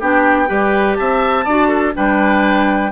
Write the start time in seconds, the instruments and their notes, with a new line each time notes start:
0.00 bassoon B3, clarinet D4, oboe G4, flute G5
0.47 bassoon G3, clarinet G4, oboe B4
0.95 bassoon C4, oboe E5, flute A5
1.45 bassoon D4, clarinet F#4, oboe D5
1.68 oboe A4
1.93 bassoon G3, clarinet D4, oboe B4, flute G5